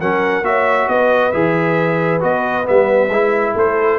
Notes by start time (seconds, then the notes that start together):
0.00 F#3 C#4 A#4 F#5
0.42 A#3 F#4 C#5 E5
0.88 B3 B4 D#5
1.32 E3 G#4 E5
2.20 B3 F#4 D#5
2.64 G3 B3 E5
3.09 G#3 E4
3.55 A3 A4 C5